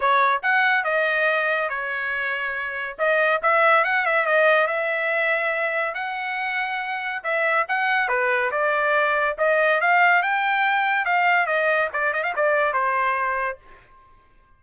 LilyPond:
\new Staff \with { instrumentName = "trumpet" } { \time 4/4 \tempo 4 = 141 cis''4 fis''4 dis''2 | cis''2. dis''4 | e''4 fis''8 e''8 dis''4 e''4~ | e''2 fis''2~ |
fis''4 e''4 fis''4 b'4 | d''2 dis''4 f''4 | g''2 f''4 dis''4 | d''8 dis''16 f''16 d''4 c''2 | }